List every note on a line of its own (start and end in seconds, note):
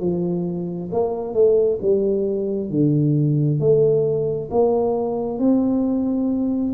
0.00 0.90 F3
0.92 1.34 A#3
1.34 1.78 A3
1.82 2.70 G3
2.70 3.59 D3
3.59 4.49 A3
4.51 5.39 A#3
5.39 6.73 C4